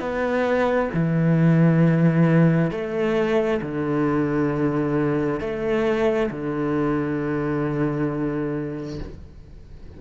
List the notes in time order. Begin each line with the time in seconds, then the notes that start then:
0.00 B3
0.94 E3
2.71 A3
3.62 D3
5.41 A3
6.31 D3